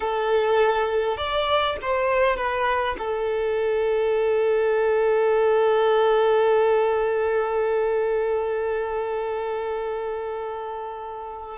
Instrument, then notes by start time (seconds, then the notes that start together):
violin
0.00 A4
1.17 D5
1.81 C5
2.36 B4
2.98 A4